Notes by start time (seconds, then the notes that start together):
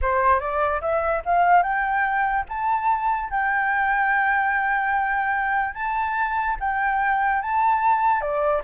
0.01 C5
0.39 D5
0.81 E5
1.25 F5
1.62 G5
2.48 A5
3.30 G5
5.74 A5
6.60 G5
7.42 A5
8.21 D5